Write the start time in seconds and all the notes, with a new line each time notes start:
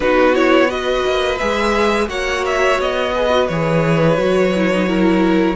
0.00 B3 D#4 F#4 B4
0.34 E4 C#5
0.68 F#4 B4 D#5
1.05 A#3
1.38 G#3 G#4 E5
2.08 A#3 F#4 C#5 F#5
2.45 E5
2.79 B3 D#5
3.14 G#4 B4
3.29 F#4
3.47 E3 G#4 C#5
4.17 F#3 F#4
4.55 E4
4.72 D#4
4.86 E4 A#4